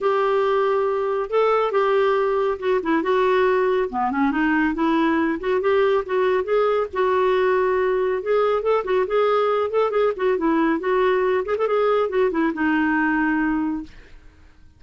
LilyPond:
\new Staff \with { instrumentName = "clarinet" } { \time 4/4 \tempo 4 = 139 g'2. a'4 | g'2 fis'8 e'8 fis'4~ | fis'4 b8 cis'8 dis'4 e'4~ | e'8 fis'8 g'4 fis'4 gis'4 |
fis'2. gis'4 | a'8 fis'8 gis'4. a'8 gis'8 fis'8 | e'4 fis'4. gis'16 a'16 gis'4 | fis'8 e'8 dis'2. | }